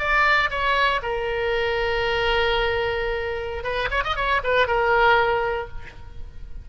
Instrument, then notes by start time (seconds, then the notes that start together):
oboe
0.00 D5
0.51 C#5
1.03 A#4
3.64 B4
3.91 C#5
4.05 D#5
4.16 C#5
4.44 B4
4.68 A#4